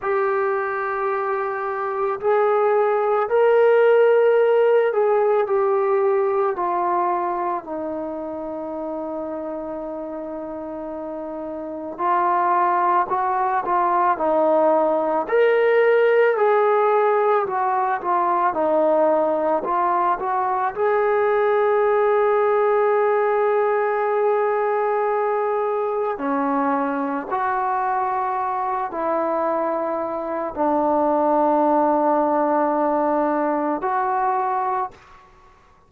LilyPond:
\new Staff \with { instrumentName = "trombone" } { \time 4/4 \tempo 4 = 55 g'2 gis'4 ais'4~ | ais'8 gis'8 g'4 f'4 dis'4~ | dis'2. f'4 | fis'8 f'8 dis'4 ais'4 gis'4 |
fis'8 f'8 dis'4 f'8 fis'8 gis'4~ | gis'1 | cis'4 fis'4. e'4. | d'2. fis'4 | }